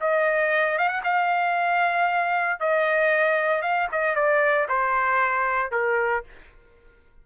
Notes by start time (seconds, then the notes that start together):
0.00 D#5
0.78 F5
0.88 F#5
1.03 F5
2.60 D#5
3.61 F5
3.91 D#5
4.15 D5
4.68 C5
5.71 A#4